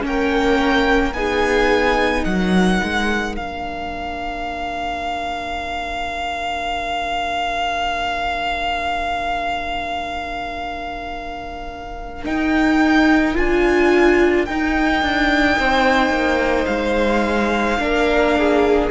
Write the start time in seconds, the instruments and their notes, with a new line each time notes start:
0.00 cello A#3, viola C#4, violin A#4
0.06 violin G5
1.13 cello B3, viola D#4, violin G#4 G#5
2.25 cello F#3, violin A#4 F#5
2.83 cello G#3
3.36 cello A#3, viola D4, violin F5
12.25 cello D#4, viola D#4, violin G5
13.34 cello D4, viola F4, violin G#5
14.45 cello D#4, viola D#4, violin G5
15.02 cello D4
15.58 cello C4, violin C5
16.10 cello A#3
16.66 cello G#3, violin F5
17.78 cello A#3, viola D4, violin A#4
18.38 violin G#4